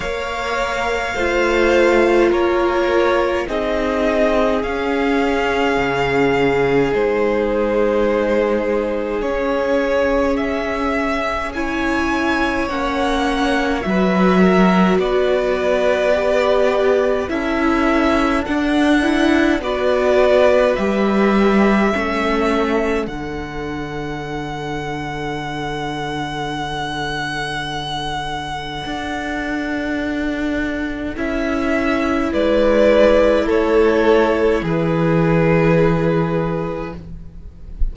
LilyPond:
<<
  \new Staff \with { instrumentName = "violin" } { \time 4/4 \tempo 4 = 52 f''2 cis''4 dis''4 | f''2 c''2 | cis''4 e''4 gis''4 fis''4 | e''4 d''2 e''4 |
fis''4 d''4 e''2 | fis''1~ | fis''2. e''4 | d''4 cis''4 b'2 | }
  \new Staff \with { instrumentName = "violin" } { \time 4/4 cis''4 c''4 ais'4 gis'4~ | gis'1~ | gis'2 cis''2 | b'8 ais'8 b'2 a'4~ |
a'4 b'2 a'4~ | a'1~ | a'1 | b'4 a'4 gis'2 | }
  \new Staff \with { instrumentName = "viola" } { \time 4/4 ais'4 f'2 dis'4 | cis'2 dis'2 | cis'2 e'4 cis'4 | fis'2 g'4 e'4 |
d'8 e'8 fis'4 g'4 cis'4 | d'1~ | d'2. e'4~ | e'1 | }
  \new Staff \with { instrumentName = "cello" } { \time 4/4 ais4 a4 ais4 c'4 | cis'4 cis4 gis2 | cis'2. ais4 | fis4 b2 cis'4 |
d'4 b4 g4 a4 | d1~ | d4 d'2 cis'4 | gis4 a4 e2 | }
>>